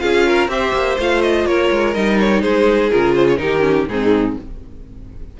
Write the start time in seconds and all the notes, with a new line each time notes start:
0.00 C#4 F4 G#4 F5
0.27 A#4
0.48 C4 G4 C5 E5
0.73 A#3
0.99 A3 F4 F5
1.22 D#5
1.46 A#3 A#4 C#5
1.71 G#3
1.94 G3 D#4 D#5
2.20 C#5
2.42 G#3 G#4 C5
2.91 C#3 F4 A#4
3.15 C5
3.28 C#5
3.38 D#3 D#4 G4 A#4
3.60 C#4
3.88 G#2 C4 D#4 G#4